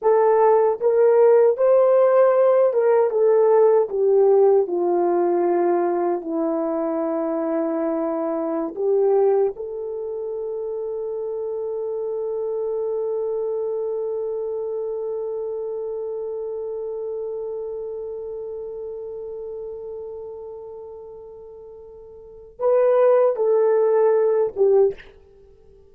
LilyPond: \new Staff \with { instrumentName = "horn" } { \time 4/4 \tempo 4 = 77 a'4 ais'4 c''4. ais'8 | a'4 g'4 f'2 | e'2.~ e'16 g'8.~ | g'16 a'2.~ a'8.~ |
a'1~ | a'1~ | a'1~ | a'4 b'4 a'4. g'8 | }